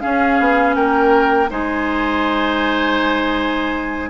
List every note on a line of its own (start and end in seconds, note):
0.00 1.48 C#4
0.00 0.40 C#4
0.00 0.76 G#4
0.00 0.74 F5
0.40 0.76 B3
0.75 1.50 A#3
0.75 1.50 A#4
0.75 1.49 G5
1.50 4.10 G#3
1.50 4.09 D#4
1.50 4.09 C5
1.50 4.10 G#5